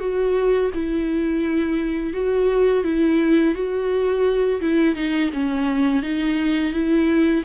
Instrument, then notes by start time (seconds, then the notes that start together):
viola
0.00 F#4
0.74 E4
2.13 F#4
2.84 E4
3.55 F#4
4.61 E4
4.95 D#4
5.33 C#4
6.02 D#4
6.73 E4